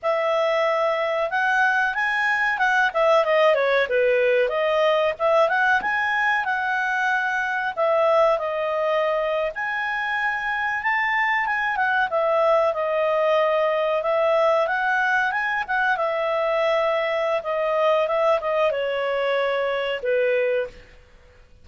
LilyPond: \new Staff \with { instrumentName = "clarinet" } { \time 4/4 \tempo 4 = 93 e''2 fis''4 gis''4 | fis''8 e''8 dis''8 cis''8 b'4 dis''4 | e''8 fis''8 gis''4 fis''2 | e''4 dis''4.~ dis''16 gis''4~ gis''16~ |
gis''8. a''4 gis''8 fis''8 e''4 dis''16~ | dis''4.~ dis''16 e''4 fis''4 gis''16~ | gis''16 fis''8 e''2~ e''16 dis''4 | e''8 dis''8 cis''2 b'4 | }